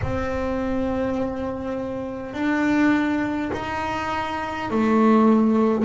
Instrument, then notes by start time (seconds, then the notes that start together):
double bass
0.02 C4
2.33 D4
3.52 D#4
4.70 A3